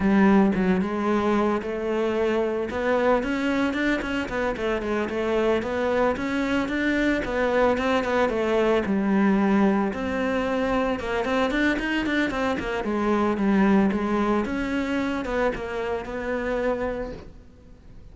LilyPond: \new Staff \with { instrumentName = "cello" } { \time 4/4 \tempo 4 = 112 g4 fis8 gis4. a4~ | a4 b4 cis'4 d'8 cis'8 | b8 a8 gis8 a4 b4 cis'8~ | cis'8 d'4 b4 c'8 b8 a8~ |
a8 g2 c'4.~ | c'8 ais8 c'8 d'8 dis'8 d'8 c'8 ais8 | gis4 g4 gis4 cis'4~ | cis'8 b8 ais4 b2 | }